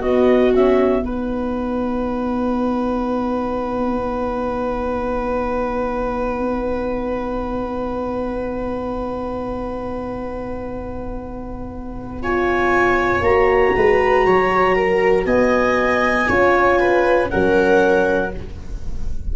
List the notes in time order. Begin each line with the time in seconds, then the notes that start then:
0.00 B3 F#4 D#5
0.53 C#4 E5
1.03 D#4 B4 F#5
12.22 F4 C#5 G#5
13.21 A#3 F#4 A#5
13.76 G#3 B4
14.26 F#3 C#5
14.75 A#4
15.25 B3 D#5 G#5
16.28 C#4 F4 C#5
16.79 B4
17.29 F#3 C#4 A#4 F#5